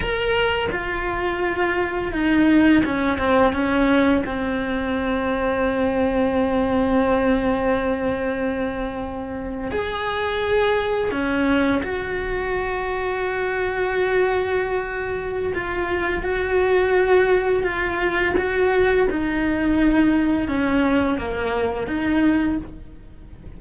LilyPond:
\new Staff \with { instrumentName = "cello" } { \time 4/4 \tempo 4 = 85 ais'4 f'2 dis'4 | cis'8 c'8 cis'4 c'2~ | c'1~ | c'4.~ c'16 gis'2 cis'16~ |
cis'8. fis'2.~ fis'16~ | fis'2 f'4 fis'4~ | fis'4 f'4 fis'4 dis'4~ | dis'4 cis'4 ais4 dis'4 | }